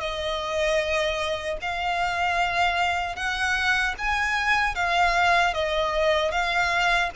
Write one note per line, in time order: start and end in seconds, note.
0.00 1.58 D#5
1.61 3.15 F5
3.15 3.94 F#5
3.98 4.75 G#5
4.75 5.54 F5
5.54 6.31 D#5
6.31 7.10 F5